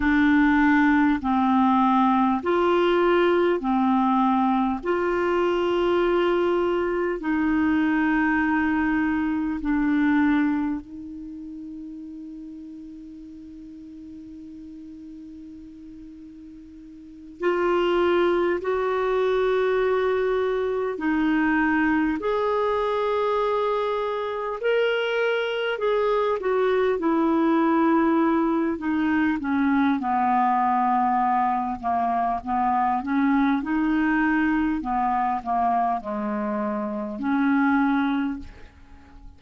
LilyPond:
\new Staff \with { instrumentName = "clarinet" } { \time 4/4 \tempo 4 = 50 d'4 c'4 f'4 c'4 | f'2 dis'2 | d'4 dis'2.~ | dis'2~ dis'8 f'4 fis'8~ |
fis'4. dis'4 gis'4.~ | gis'8 ais'4 gis'8 fis'8 e'4. | dis'8 cis'8 b4. ais8 b8 cis'8 | dis'4 b8 ais8 gis4 cis'4 | }